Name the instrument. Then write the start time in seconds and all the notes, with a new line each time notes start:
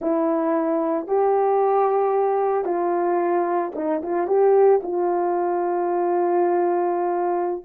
horn
0.01 E4
1.07 G4
2.64 F4
3.75 D#4
4.02 F4
4.27 G4
4.82 F4